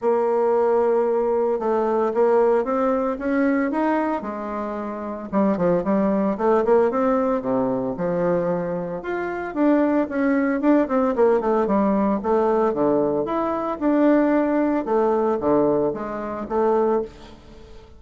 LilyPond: \new Staff \with { instrumentName = "bassoon" } { \time 4/4 \tempo 4 = 113 ais2. a4 | ais4 c'4 cis'4 dis'4 | gis2 g8 f8 g4 | a8 ais8 c'4 c4 f4~ |
f4 f'4 d'4 cis'4 | d'8 c'8 ais8 a8 g4 a4 | d4 e'4 d'2 | a4 d4 gis4 a4 | }